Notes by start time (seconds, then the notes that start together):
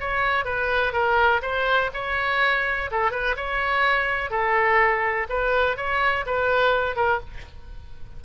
0.00 C#5
0.45 B4
0.93 A#4
1.42 C5
1.93 C#5
2.91 A4
3.11 B4
3.36 C#5
4.30 A4
5.29 B4
5.76 C#5
6.26 B4
6.96 A#4